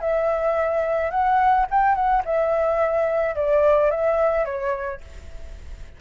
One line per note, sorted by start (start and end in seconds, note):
0.00 1.11 E5
1.11 1.66 F#5
1.70 1.95 G5
1.95 2.22 F#5
2.25 3.35 E5
3.35 3.90 D5
3.90 4.45 E5
4.45 5.01 C#5